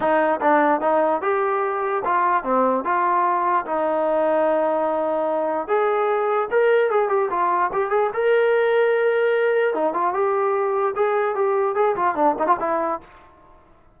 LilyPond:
\new Staff \with { instrumentName = "trombone" } { \time 4/4 \tempo 4 = 148 dis'4 d'4 dis'4 g'4~ | g'4 f'4 c'4 f'4~ | f'4 dis'2.~ | dis'2 gis'2 |
ais'4 gis'8 g'8 f'4 g'8 gis'8 | ais'1 | dis'8 f'8 g'2 gis'4 | g'4 gis'8 f'8 d'8 dis'16 f'16 e'4 | }